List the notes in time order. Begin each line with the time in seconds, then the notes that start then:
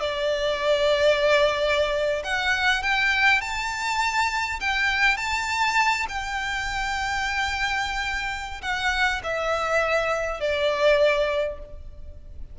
0.00 D5
2.24 F#5
2.82 G5
3.41 A5
4.60 G5
5.17 A5
6.09 G5
8.62 F#5
9.23 E5
10.40 D5